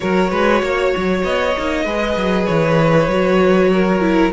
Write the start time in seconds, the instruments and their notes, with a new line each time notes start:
0.00 cello F#3, viola F#4, violin A#4 C#5
0.30 cello G#3, violin B4
0.62 cello A#3, violin C#5
0.96 cello F#3
1.23 cello B3, violin D#5
1.57 cello A#3, viola D#4
1.84 cello G#3, viola G#4, violin B4
2.16 cello F#3
2.46 cello E3, violin C#5
3.07 cello F#3, viola F#4
3.72 violin A#4
4.01 viola E4